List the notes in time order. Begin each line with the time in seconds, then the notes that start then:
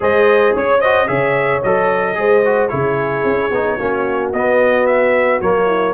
0.00 G#3 G#4 C5 D#5
0.54 C#4 C#5
0.80 F#4 C5 D#5
1.07 C#3 G#4 C#5 E5
1.63 F#3 A4 D#5
2.14 G#3 G#4 C5
2.45 F#4
2.68 C#3 E4 G#4 C#5
3.24 C#4
3.51 B3 D#4
3.77 A#3 C#4 F#4
4.32 B3 D#5
4.86 E5
5.41 F#3 A#3 C#5
5.66 E4